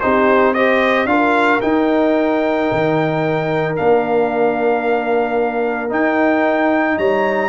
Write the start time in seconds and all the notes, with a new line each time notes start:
0.00 C4 D#4 G4 C5
0.54 G4 C5 D#5
1.05 D4 F4 A#4 F5
1.61 D#4 G5
2.71 D#3
3.75 A#3 D4 F5
5.89 D#4 G5
6.97 G3 C#5 A#5